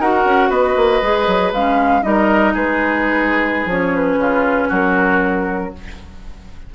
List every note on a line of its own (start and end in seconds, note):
0.00 0.25 D#4
0.00 1.03 F#4
0.00 0.50 A#4
0.00 0.51 F#5
0.25 0.50 C#4
0.50 0.75 B3
0.50 2.02 B4
0.50 1.53 D#5
0.77 1.02 A#3
1.02 1.27 G#3
1.02 1.54 G#4
1.27 1.53 F#3
1.53 2.03 G#3
1.53 2.03 C#4
1.53 2.03 F5
2.03 2.55 G3
2.03 3.68 D#4
2.03 2.54 A#4
2.03 2.54 D#5
2.54 3.66 G#3
2.54 4.19 G#4
2.54 3.70 B4
3.66 4.17 F3
3.66 5.74 C#4
3.66 3.96 C#5
3.96 4.72 B4
4.18 4.69 C#3
4.18 4.69 F4
4.69 5.73 F#3
4.69 5.70 F#4
4.69 5.75 A#4